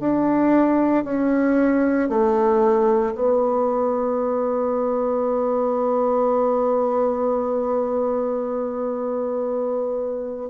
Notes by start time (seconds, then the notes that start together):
0.00 D4
1.04 C#4
2.09 A3
3.15 B3